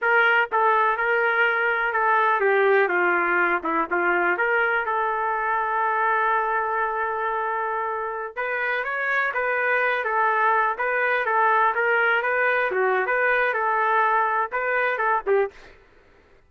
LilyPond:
\new Staff \with { instrumentName = "trumpet" } { \time 4/4 \tempo 4 = 124 ais'4 a'4 ais'2 | a'4 g'4 f'4. e'8 | f'4 ais'4 a'2~ | a'1~ |
a'4~ a'16 b'4 cis''4 b'8.~ | b'8. a'4. b'4 a'8.~ | a'16 ais'4 b'4 fis'8. b'4 | a'2 b'4 a'8 g'8 | }